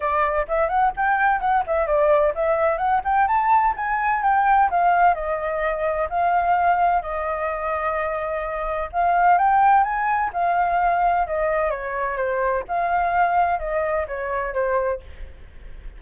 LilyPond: \new Staff \with { instrumentName = "flute" } { \time 4/4 \tempo 4 = 128 d''4 e''8 fis''8 g''4 fis''8 e''8 | d''4 e''4 fis''8 g''8 a''4 | gis''4 g''4 f''4 dis''4~ | dis''4 f''2 dis''4~ |
dis''2. f''4 | g''4 gis''4 f''2 | dis''4 cis''4 c''4 f''4~ | f''4 dis''4 cis''4 c''4 | }